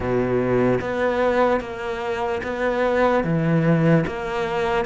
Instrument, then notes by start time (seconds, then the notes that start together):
cello
0.00 B2
0.80 B3
1.60 A#3
2.43 B3
3.24 E3
4.06 A#3